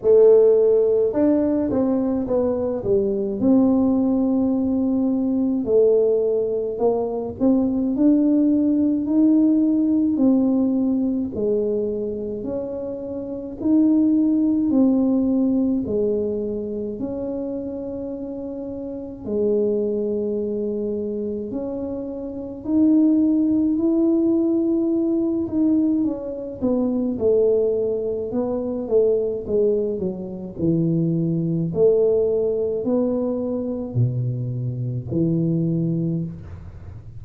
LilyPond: \new Staff \with { instrumentName = "tuba" } { \time 4/4 \tempo 4 = 53 a4 d'8 c'8 b8 g8 c'4~ | c'4 a4 ais8 c'8 d'4 | dis'4 c'4 gis4 cis'4 | dis'4 c'4 gis4 cis'4~ |
cis'4 gis2 cis'4 | dis'4 e'4. dis'8 cis'8 b8 | a4 b8 a8 gis8 fis8 e4 | a4 b4 b,4 e4 | }